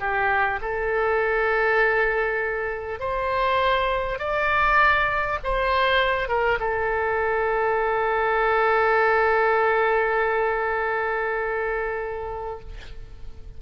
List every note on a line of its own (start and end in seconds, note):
0.00 0.60 G4
0.62 3.00 A4
3.00 4.19 C5
4.19 5.39 D5
5.44 6.28 C5
6.28 6.58 A#4
6.59 12.59 A4